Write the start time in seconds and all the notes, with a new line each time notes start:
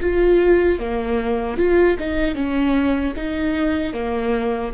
0.00 F4
0.79 A#3
1.57 F4
1.99 D#4
2.34 C#4
3.16 D#4
3.93 A#3